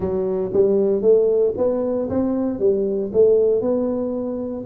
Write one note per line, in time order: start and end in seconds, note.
0.00 0.51 F#3
0.53 1.01 G3
1.01 1.53 A3
1.57 2.09 B3
2.09 2.59 C4
2.59 3.11 G3
3.12 3.61 A3
3.61 4.64 B3